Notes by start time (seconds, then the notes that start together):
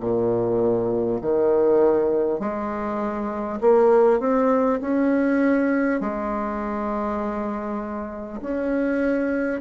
0.00 A#2
1.21 D#3
2.39 G#3
3.61 A#3
4.19 C4
4.81 C#4
6.00 G#3
8.41 C#4